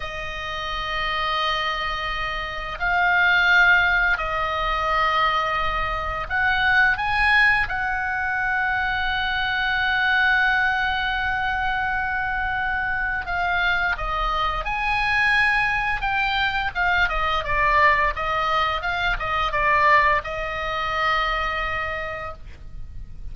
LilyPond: \new Staff \with { instrumentName = "oboe" } { \time 4/4 \tempo 4 = 86 dis''1 | f''2 dis''2~ | dis''4 fis''4 gis''4 fis''4~ | fis''1~ |
fis''2. f''4 | dis''4 gis''2 g''4 | f''8 dis''8 d''4 dis''4 f''8 dis''8 | d''4 dis''2. | }